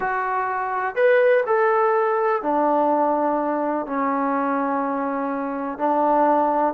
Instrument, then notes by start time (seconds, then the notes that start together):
trombone
0.00 F#4
0.95 B4
1.46 A4
2.42 D4
3.86 C#4
5.78 D4